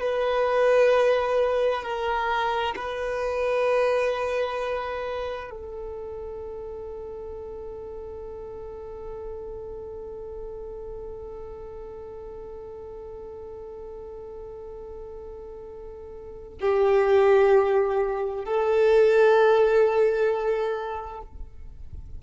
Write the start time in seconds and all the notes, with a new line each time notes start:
0.00 B4
1.83 A#4
2.77 B4
5.51 A4
16.61 G4
18.45 A4